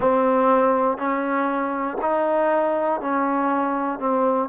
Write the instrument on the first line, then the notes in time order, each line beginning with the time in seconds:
trombone
0.00 C4
0.97 C#4
2.01 D#4
3.00 C#4
3.99 C4